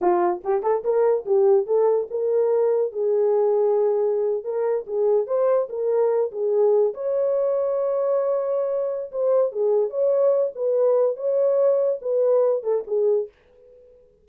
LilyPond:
\new Staff \with { instrumentName = "horn" } { \time 4/4 \tempo 4 = 145 f'4 g'8 a'8 ais'4 g'4 | a'4 ais'2 gis'4~ | gis'2~ gis'8. ais'4 gis'16~ | gis'8. c''4 ais'4. gis'8.~ |
gis'8. cis''2.~ cis''16~ | cis''2 c''4 gis'4 | cis''4. b'4. cis''4~ | cis''4 b'4. a'8 gis'4 | }